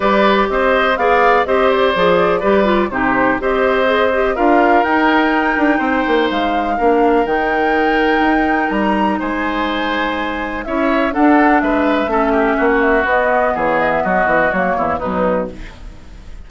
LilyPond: <<
  \new Staff \with { instrumentName = "flute" } { \time 4/4 \tempo 4 = 124 d''4 dis''4 f''4 dis''8 d''8~ | d''2 c''4 dis''4~ | dis''4 f''4 g''2~ | g''4 f''2 g''4~ |
g''2 ais''4 gis''4~ | gis''2 e''4 fis''4 | e''2~ e''16 fis''16 e''8 dis''4 | cis''8 dis''16 e''16 dis''4 cis''4 b'4 | }
  \new Staff \with { instrumentName = "oboe" } { \time 4/4 b'4 c''4 d''4 c''4~ | c''4 b'4 g'4 c''4~ | c''4 ais'2. | c''2 ais'2~ |
ais'2. c''4~ | c''2 cis''4 a'4 | b'4 a'8 g'8 fis'2 | gis'4 fis'4. e'8 dis'4 | }
  \new Staff \with { instrumentName = "clarinet" } { \time 4/4 g'2 gis'4 g'4 | gis'4 g'8 f'8 dis'4 g'4 | gis'8 g'8 f'4 dis'2~ | dis'2 d'4 dis'4~ |
dis'1~ | dis'2 e'4 d'4~ | d'4 cis'2 b4~ | b2 ais4 fis4 | }
  \new Staff \with { instrumentName = "bassoon" } { \time 4/4 g4 c'4 b4 c'4 | f4 g4 c4 c'4~ | c'4 d'4 dis'4. d'8 | c'8 ais8 gis4 ais4 dis4~ |
dis4 dis'4 g4 gis4~ | gis2 cis'4 d'4 | gis4 a4 ais4 b4 | e4 fis8 e8 fis8 e,8 b,4 | }
>>